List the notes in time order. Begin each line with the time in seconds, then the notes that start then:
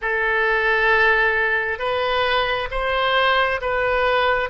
0.01 A4
1.79 B4
2.71 C5
3.61 B4